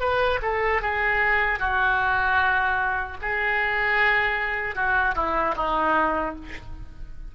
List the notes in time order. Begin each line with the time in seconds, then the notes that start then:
0.00 B4
0.42 A4
0.81 G#4
1.59 F#4
3.22 G#4
4.75 F#4
5.15 E4
5.56 D#4